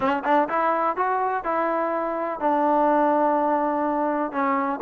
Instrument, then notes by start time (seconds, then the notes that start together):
trombone
0.00 C#4
0.24 D4
0.48 E4
0.96 F#4
1.44 E4
2.40 D4
4.32 C#4